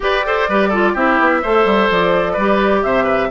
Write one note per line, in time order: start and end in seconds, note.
0.00 0.23 G4
0.00 0.47 G4
0.00 0.25 B4
0.00 0.95 D5
0.25 0.48 A4
0.25 0.49 C5
0.48 0.94 G3
0.48 0.72 G4
0.48 0.69 B4
0.69 0.95 F4
0.69 0.92 A4
0.93 1.18 C4
0.93 1.43 E4
0.93 1.41 G4
0.93 1.90 E5
1.19 1.43 B3
1.42 1.65 A3
1.42 2.38 A4
1.42 2.32 C5
1.65 1.89 G3
1.89 2.36 F3
1.89 2.82 D5
2.32 2.83 G3
2.32 2.80 B4
2.39 3.30 G4
2.82 3.30 C3
2.82 3.04 C5
2.82 3.30 E5
3.04 3.27 B4